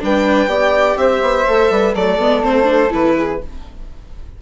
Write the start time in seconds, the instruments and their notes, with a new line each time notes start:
0.00 bassoon G3, viola D4, flute B4, violin G5
0.47 bassoon B3, viola G4, flute D5
0.96 bassoon C4, flute C5, violin E5
1.21 bassoon B3
1.47 bassoon A3, viola A4
1.70 bassoon G3, flute B4
1.94 bassoon F#3, viola A3, flute A4, violin D5
2.18 bassoon G#3, viola B3
2.43 bassoon A3, viola C4, violin C5
2.63 viola D4
2.89 bassoon E3, viola E4, violin B4
3.17 flute G#4